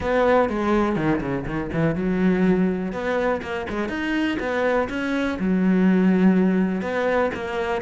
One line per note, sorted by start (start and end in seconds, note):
0.00 0.49 B3
0.49 0.96 G#3
0.96 1.20 D#3
1.20 1.45 C#3
1.46 1.70 D#3
1.73 1.95 E3
1.95 2.92 F#3
2.92 3.41 B3
3.41 3.66 A#3
3.69 3.88 G#3
3.88 4.37 D#4
4.39 4.88 B3
4.89 5.37 C#4
5.39 6.81 F#3
6.81 7.30 B3
7.34 7.81 A#3